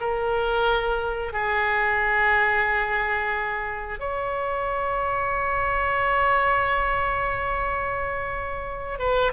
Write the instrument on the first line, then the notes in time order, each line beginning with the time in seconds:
oboe
0.00 A#4
1.32 G#4
3.99 C#5
8.98 B4